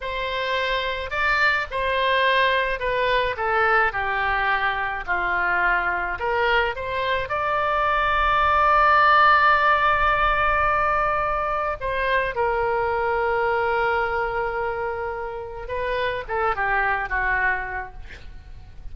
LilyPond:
\new Staff \with { instrumentName = "oboe" } { \time 4/4 \tempo 4 = 107 c''2 d''4 c''4~ | c''4 b'4 a'4 g'4~ | g'4 f'2 ais'4 | c''4 d''2.~ |
d''1~ | d''4 c''4 ais'2~ | ais'1 | b'4 a'8 g'4 fis'4. | }